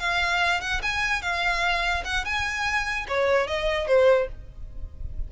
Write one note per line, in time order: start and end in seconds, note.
0.00 0.61 F5
0.61 0.82 F#5
0.83 1.22 G#5
1.22 2.04 F5
2.05 2.25 F#5
2.25 3.07 G#5
3.09 3.48 C#5
3.48 3.87 D#5
3.87 4.28 C5